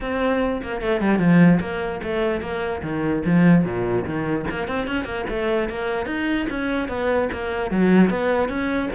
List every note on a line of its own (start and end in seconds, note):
0.00 0.61 C4
0.62 0.81 A#3
0.81 1.00 A3
1.00 1.18 G3
1.18 1.59 F3
1.60 2.00 A#3
2.03 2.41 A3
2.41 2.81 A#3
2.82 3.22 D#3
3.25 3.64 F3
3.64 4.04 A#2
4.05 4.45 D#3
4.50 4.67 A#3
4.67 4.87 C4
4.87 5.04 C#4
5.04 5.24 A#3
5.29 5.69 A3
5.69 6.06 A#3
6.06 6.46 D#4
6.49 6.88 C#4
6.88 7.29 B3
7.32 7.70 A#3
7.70 8.10 F#3
8.10 8.48 B3
8.48 8.89 C#4